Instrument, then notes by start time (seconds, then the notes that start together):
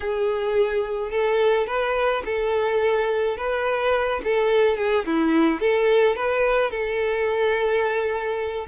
violin
0.00 G#4
1.10 A4
1.67 B4
2.25 A4
3.37 B4
4.24 A4
4.77 G#4
5.05 E4
5.60 A4
6.16 B4
6.70 A4